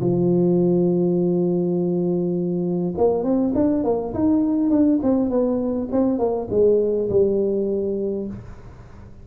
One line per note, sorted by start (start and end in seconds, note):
0.00 2.94 F3
2.97 3.23 A#3
3.23 3.53 C4
3.54 3.83 D4
3.84 4.13 A#3
4.13 4.70 D#4
4.70 4.99 D4
5.02 5.29 C4
5.29 5.88 B3
5.92 6.18 C4
6.18 6.48 A#3
6.50 7.09 G#3
7.09 8.26 G3